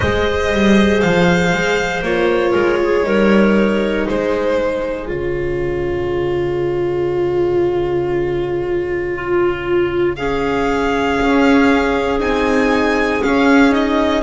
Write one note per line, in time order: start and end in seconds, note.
0.00 0.52 G#3
0.00 2.04 G#4
0.00 2.51 C5
0.00 1.01 D#5
0.52 1.03 G3
1.01 1.53 F3
1.01 2.03 F5
1.53 2.02 G#3
2.02 2.53 A#3
2.02 3.03 F4
2.02 4.07 C#5
2.51 3.04 G#3
2.51 2.77 A#4
2.83 3.05 G#4
3.03 4.05 G3
3.03 5.07 D#4
3.03 4.07 A#4
4.07 5.08 G#3
4.07 9.14 G#4
4.07 5.08 C5
5.07 11.19 C#3
5.07 10.15 F4
5.07 10.15 C#5
9.14 10.16 F4
10.15 12.19 C#4
10.15 14.22 G#4
10.15 12.19 F5
11.20 12.19 C#4
12.19 13.21 C4
12.19 13.20 D#4
12.19 13.22 G#5
13.22 13.70 C#4
13.22 14.22 C#4
13.22 13.73 F5
13.70 14.21 D#4
13.70 14.22 D#5